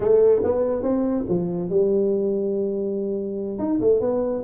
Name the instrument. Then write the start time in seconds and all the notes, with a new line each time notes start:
tuba
0.00 A3
0.43 B3
0.82 C4
1.28 F3
1.69 G3
3.58 D#4
3.80 A3
4.00 B3